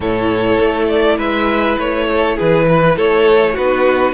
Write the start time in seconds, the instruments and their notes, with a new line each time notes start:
0.00 cello A2, viola E4, violin A4 C#5
0.60 cello A3
0.88 violin D5
1.17 cello G#3, violin B4 E5
1.78 cello A3, violin C#5
2.11 violin A4
2.36 cello E3, violin G#4 B4
2.68 violin B4
2.96 cello A3, violin A4 C#5
3.53 cello B3, viola D#4, violin F#4 B4